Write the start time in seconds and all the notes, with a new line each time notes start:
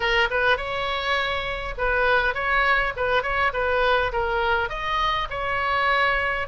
0.00 A#4
0.30 B4
0.57 C#5
1.77 B4
2.34 C#5
2.96 B4
3.22 C#5
3.53 B4
4.12 A#4
4.69 D#5
5.30 C#5